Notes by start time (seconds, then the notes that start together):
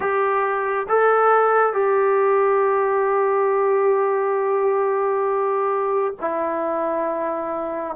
0.00 G4
0.88 A4
1.73 G4
6.20 E4